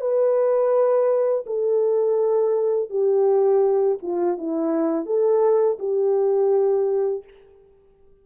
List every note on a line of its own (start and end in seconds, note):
0.00 1.45 B4
1.46 2.89 A4
2.89 3.98 G4
4.02 4.37 F4
4.37 5.05 E4
5.05 5.78 A4
5.79 7.23 G4